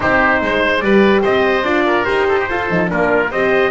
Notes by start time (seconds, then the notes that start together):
0.00 C4 D#4 G4 C5
0.41 G#3 C5
0.79 G3 G4 B4 D5
1.21 C4 C5 D#5
1.62 D4 F4 D5
1.85 A#4
2.04 D#4 G4 C5
2.28 A4
2.39 G4
2.48 F4 A4
2.70 F3 D#4
2.87 A#3 D4 F4 A#4
3.30 C4 G4 C5 D#5